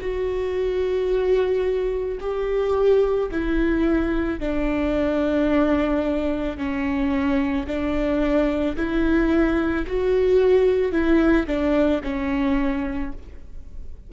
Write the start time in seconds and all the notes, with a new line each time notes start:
0.00 F#4
2.20 G4
3.31 E4
4.39 D4
6.57 C#4
7.67 D4
8.76 E4
9.87 F#4
10.92 E4
11.47 D4
12.03 C#4